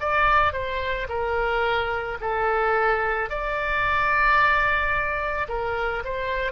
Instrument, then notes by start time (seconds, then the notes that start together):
oboe
0.00 D5
0.53 C5
1.09 A#4
2.21 A4
3.29 D5
5.48 A#4
6.04 C5